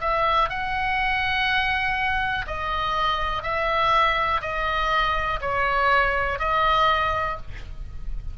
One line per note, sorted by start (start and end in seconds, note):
0.00 0.49 E5
0.49 2.46 F#5
2.47 3.42 D#5
3.42 4.41 E5
4.41 5.40 D#5
5.41 6.39 C#5
6.39 7.37 D#5